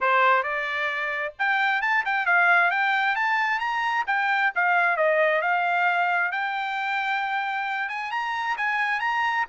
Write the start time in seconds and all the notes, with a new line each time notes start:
0.01 C5
0.43 D5
1.39 G5
1.81 A5
2.05 G5
2.26 F5
2.71 G5
3.15 A5
3.59 A#5
4.06 G5
4.55 F5
4.96 D#5
5.41 F5
6.31 G5
7.88 G#5
8.11 A#5
8.57 G#5
9.00 A#5